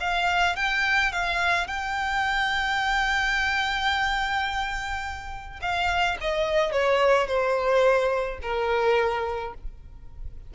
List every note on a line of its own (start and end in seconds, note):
0.00 0.56 F5
0.56 1.12 G5
1.12 1.67 F5
1.67 5.60 G5
5.62 6.18 F5
6.21 6.72 D#5
6.72 7.27 C#5
7.27 8.39 C5
8.42 9.54 A#4